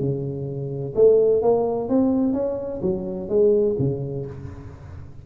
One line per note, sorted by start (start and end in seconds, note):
0.00 0.94 C#3
0.95 1.42 A3
1.42 1.89 A#3
1.89 2.33 C4
2.33 2.81 C#4
2.82 3.29 F#3
3.29 3.76 G#3
3.79 4.26 C#3